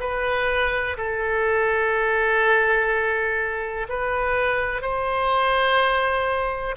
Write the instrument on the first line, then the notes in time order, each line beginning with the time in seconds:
oboe
0.00 B4
0.97 A4
3.89 B4
4.82 C5